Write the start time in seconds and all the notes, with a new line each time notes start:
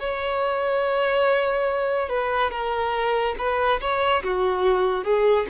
0.00 C#5
2.09 B4
2.51 A#4
3.38 B4
3.81 C#5
4.24 F#4
5.05 G#4